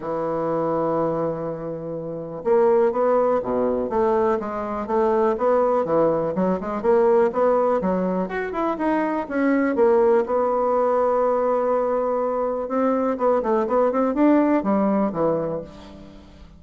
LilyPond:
\new Staff \with { instrumentName = "bassoon" } { \time 4/4 \tempo 4 = 123 e1~ | e4 ais4 b4 b,4 | a4 gis4 a4 b4 | e4 fis8 gis8 ais4 b4 |
fis4 fis'8 e'8 dis'4 cis'4 | ais4 b2.~ | b2 c'4 b8 a8 | b8 c'8 d'4 g4 e4 | }